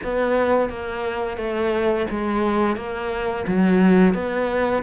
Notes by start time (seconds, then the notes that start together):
0.03 B3
0.69 A#3
1.37 A3
2.10 G#3
2.76 A#3
3.47 F#3
4.14 B3